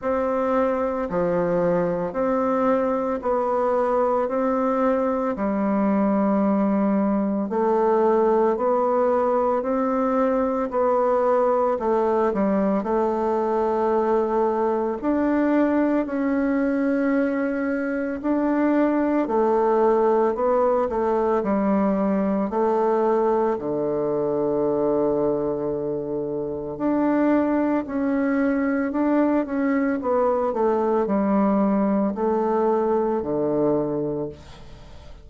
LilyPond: \new Staff \with { instrumentName = "bassoon" } { \time 4/4 \tempo 4 = 56 c'4 f4 c'4 b4 | c'4 g2 a4 | b4 c'4 b4 a8 g8 | a2 d'4 cis'4~ |
cis'4 d'4 a4 b8 a8 | g4 a4 d2~ | d4 d'4 cis'4 d'8 cis'8 | b8 a8 g4 a4 d4 | }